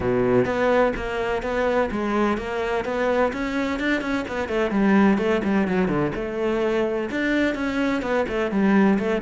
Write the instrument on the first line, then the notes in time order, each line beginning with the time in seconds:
cello
0.00 B2
0.45 B3
0.96 A#3
1.42 B3
1.91 G#3
2.37 A#3
2.84 B3
3.33 C#4
3.79 D4
4.01 C#4
4.28 B3
4.48 A3
4.71 G3
5.18 A3
5.43 G3
5.67 F#3
5.88 D3
6.15 A3
7.10 D4
7.54 C#4
8.01 B3
8.28 A3
8.51 G3
8.98 A3